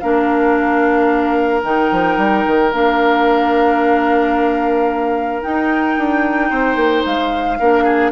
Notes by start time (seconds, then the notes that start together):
0.00 A#3 D4 A#4 F5
1.63 D#3 D#4 G5
1.91 F3
2.18 G3
2.47 D#3
2.72 A#3 D4 F5
5.42 D#4 G5
5.98 D4
6.50 C4 C5
6.76 A#3
7.06 G#3 F5
7.59 A#3 D4 A#4
7.84 G#4